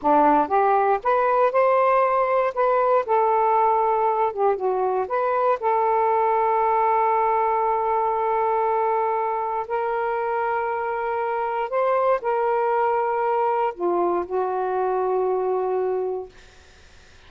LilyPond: \new Staff \with { instrumentName = "saxophone" } { \time 4/4 \tempo 4 = 118 d'4 g'4 b'4 c''4~ | c''4 b'4 a'2~ | a'8 g'8 fis'4 b'4 a'4~ | a'1~ |
a'2. ais'4~ | ais'2. c''4 | ais'2. f'4 | fis'1 | }